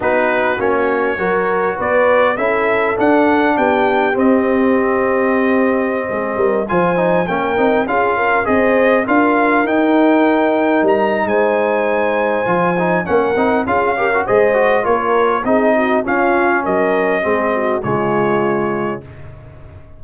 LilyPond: <<
  \new Staff \with { instrumentName = "trumpet" } { \time 4/4 \tempo 4 = 101 b'4 cis''2 d''4 | e''4 fis''4 g''4 dis''4~ | dis''2.~ dis''16 gis''8.~ | gis''16 g''4 f''4 dis''4 f''8.~ |
f''16 g''2 ais''8. gis''4~ | gis''2 fis''4 f''4 | dis''4 cis''4 dis''4 f''4 | dis''2 cis''2 | }
  \new Staff \with { instrumentName = "horn" } { \time 4/4 fis'2 ais'4 b'4 | a'2 g'2~ | g'2~ g'16 gis'8 ais'8 c''8.~ | c''16 ais'4 gis'8 ais'8 c''4 ais'8.~ |
ais'2. c''4~ | c''2 ais'4 gis'8 ais'8 | c''4 ais'4 gis'8 fis'8 f'4 | ais'4 gis'8 fis'8 f'2 | }
  \new Staff \with { instrumentName = "trombone" } { \time 4/4 dis'4 cis'4 fis'2 | e'4 d'2 c'4~ | c'2.~ c'16 f'8 dis'16~ | dis'16 cis'8 dis'8 f'4 gis'4 f'8.~ |
f'16 dis'2.~ dis'8.~ | dis'4 f'8 dis'8 cis'8 dis'8 f'8 g'16 fis'16 | gis'8 fis'8 f'4 dis'4 cis'4~ | cis'4 c'4 gis2 | }
  \new Staff \with { instrumentName = "tuba" } { \time 4/4 b4 ais4 fis4 b4 | cis'4 d'4 b4 c'4~ | c'2~ c'16 gis8 g8 f8.~ | f16 ais8 c'8 cis'4 c'4 d'8.~ |
d'16 dis'2 g8. gis4~ | gis4 f4 ais8 c'8 cis'4 | gis4 ais4 c'4 cis'4 | fis4 gis4 cis2 | }
>>